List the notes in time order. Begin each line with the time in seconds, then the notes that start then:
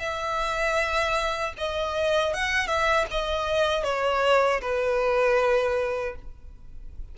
0.00 E5
1.58 D#5
2.34 F#5
2.67 E5
3.11 D#5
3.84 C#5
4.62 B4